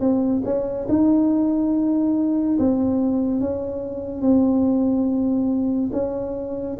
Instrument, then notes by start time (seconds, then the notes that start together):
tuba
0.00 C4
0.45 C#4
0.89 D#4
2.59 C4
3.41 C#4
4.22 C4
5.93 C#4